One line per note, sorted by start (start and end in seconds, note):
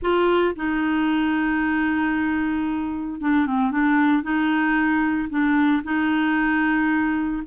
0.02 0.55 F4
0.55 3.20 D#4
3.20 3.46 D4
3.46 3.71 C4
3.71 4.22 D4
4.22 5.28 D#4
5.29 5.82 D4
5.83 7.42 D#4